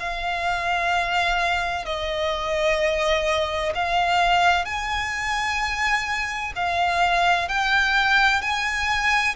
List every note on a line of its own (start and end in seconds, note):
0.00 1.85 F5
1.85 3.73 D#5
3.75 4.65 F5
4.65 6.53 G#5
6.56 7.48 F5
7.48 8.42 G5
8.42 9.35 G#5